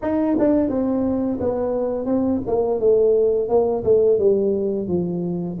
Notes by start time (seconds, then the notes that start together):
0.02 D#4
0.39 D4
0.68 C4
1.40 B3
2.05 C4
2.46 A#3
2.80 A3
3.48 A#3
3.84 A3
4.18 G3
4.87 F3